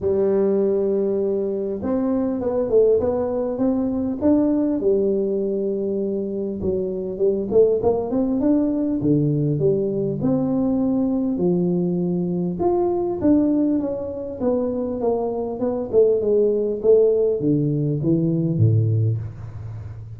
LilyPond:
\new Staff \with { instrumentName = "tuba" } { \time 4/4 \tempo 4 = 100 g2. c'4 | b8 a8 b4 c'4 d'4 | g2. fis4 | g8 a8 ais8 c'8 d'4 d4 |
g4 c'2 f4~ | f4 f'4 d'4 cis'4 | b4 ais4 b8 a8 gis4 | a4 d4 e4 a,4 | }